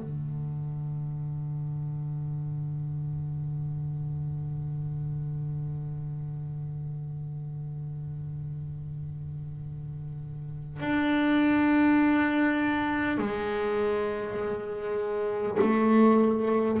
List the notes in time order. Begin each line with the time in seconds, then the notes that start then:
0.00 D3
10.80 D4
13.18 G#3
15.61 A3